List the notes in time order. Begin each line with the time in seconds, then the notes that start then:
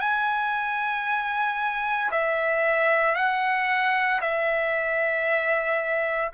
0.00 G#5
2.11 E5
3.15 F#5
4.21 E5